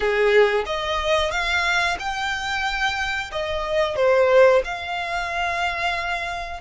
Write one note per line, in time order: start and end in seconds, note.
0.00 0.64 G#4
0.66 1.31 D#5
1.31 1.97 F5
1.99 3.31 G5
3.31 3.96 D#5
3.96 4.62 C5
4.64 6.60 F5